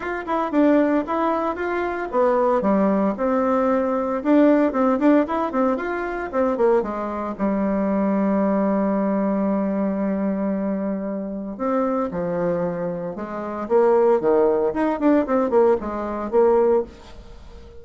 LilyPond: \new Staff \with { instrumentName = "bassoon" } { \time 4/4 \tempo 4 = 114 f'8 e'8 d'4 e'4 f'4 | b4 g4 c'2 | d'4 c'8 d'8 e'8 c'8 f'4 | c'8 ais8 gis4 g2~ |
g1~ | g2 c'4 f4~ | f4 gis4 ais4 dis4 | dis'8 d'8 c'8 ais8 gis4 ais4 | }